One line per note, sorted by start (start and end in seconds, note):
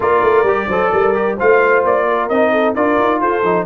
0.00 0.21 A#3
0.00 0.45 F4
0.00 0.67 A#4
0.00 1.38 D5
0.22 0.43 A3
0.43 0.66 G3
0.43 0.70 G4
0.67 0.90 F#3
0.67 1.14 A4
0.67 0.90 C5
0.92 1.38 G3
0.92 1.36 A#4
1.14 1.37 G4
1.36 1.84 A3
1.36 2.30 F4
1.36 2.05 C5
1.36 1.85 F5
1.84 2.29 A#3
1.84 2.28 D5
2.07 2.51 A#4
2.28 2.75 C4
2.28 2.76 D#4
2.28 2.74 D#5
2.51 2.74 A4
2.74 2.98 D4
2.74 3.44 F4
2.74 3.20 A#4
2.74 3.20 D5
2.98 3.21 D#4
3.21 3.43 F4
3.21 3.65 A4
3.21 3.65 C5
3.43 3.65 F3
3.43 3.65 D#4